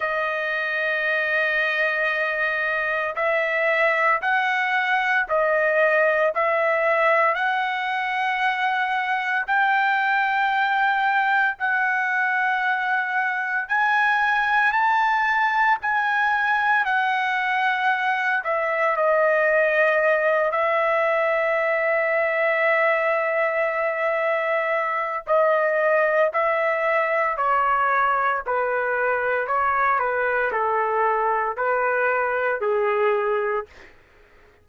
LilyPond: \new Staff \with { instrumentName = "trumpet" } { \time 4/4 \tempo 4 = 57 dis''2. e''4 | fis''4 dis''4 e''4 fis''4~ | fis''4 g''2 fis''4~ | fis''4 gis''4 a''4 gis''4 |
fis''4. e''8 dis''4. e''8~ | e''1 | dis''4 e''4 cis''4 b'4 | cis''8 b'8 a'4 b'4 gis'4 | }